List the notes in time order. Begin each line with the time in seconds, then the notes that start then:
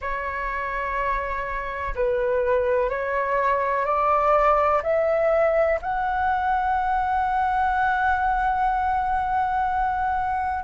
0.00 C#5
1.95 B4
2.89 C#5
3.85 D5
4.82 E5
5.81 F#5